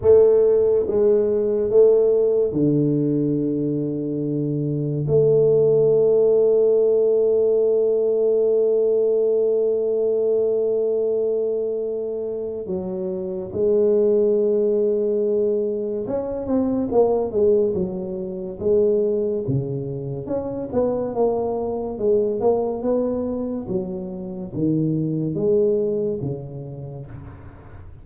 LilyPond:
\new Staff \with { instrumentName = "tuba" } { \time 4/4 \tempo 4 = 71 a4 gis4 a4 d4~ | d2 a2~ | a1~ | a2. fis4 |
gis2. cis'8 c'8 | ais8 gis8 fis4 gis4 cis4 | cis'8 b8 ais4 gis8 ais8 b4 | fis4 dis4 gis4 cis4 | }